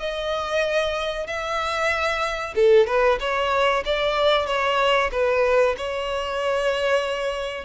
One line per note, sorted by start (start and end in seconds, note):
0.00 1.27 D#5
1.27 2.55 E5
2.56 2.87 A4
2.87 3.19 B4
3.20 3.84 C#5
3.86 4.47 D5
4.47 5.11 C#5
5.12 5.76 B4
5.78 7.65 C#5